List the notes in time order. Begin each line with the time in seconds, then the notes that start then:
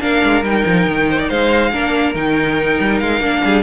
0.00 A#3 D4 A#4 F5
0.24 G#3
0.43 G3 D#4 G5
0.66 F3
0.87 D#3
1.10 C5
1.19 D5
1.28 G#3 C5 F5
1.72 A#3 D4 A#4
2.15 D#3 D#4 G5
2.80 G3
2.99 G#3 F5
3.20 A#3 D4
3.44 G3 G#4